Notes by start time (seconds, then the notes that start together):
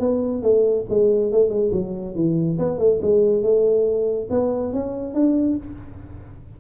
0.00 B3
0.43 A3
0.89 G#3
1.32 A3
1.50 G#3
1.72 F#3
2.15 E3
2.59 B3
2.78 A3
3.02 G#3
3.42 A3
4.30 B3
4.73 C#4
5.14 D4